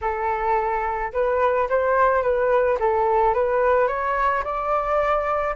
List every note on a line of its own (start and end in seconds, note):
0.01 1.12 A4
1.12 1.68 B4
1.69 2.22 C5
2.22 2.78 B4
2.79 3.34 A4
3.34 3.87 B4
3.87 4.43 C#5
4.43 5.55 D5